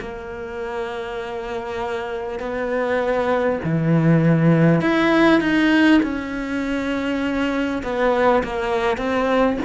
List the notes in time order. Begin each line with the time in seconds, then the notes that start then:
0.00 A#3
2.39 B3
3.64 E3
4.82 E4
5.41 D#4
6.03 C#4
7.83 B3
8.44 A#3
8.98 C4